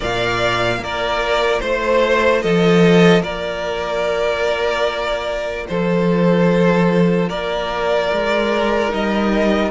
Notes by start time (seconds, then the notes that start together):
0.00 A#2 A#4 D5 F5
0.79 A#3 F4 A#4 D5
1.60 A3 C5
2.41 F3 A4 D#5
3.22 A#3 A#4 D5
5.67 F3 A4 C5
7.28 A#3 A#4 D5
8.11 G#3
8.89 G3 D#4 D#5